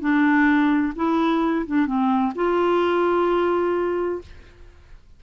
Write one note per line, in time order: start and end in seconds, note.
0.00 0.93 D4
0.95 1.65 E4
1.66 1.86 D4
1.86 2.33 C4
2.35 4.21 F4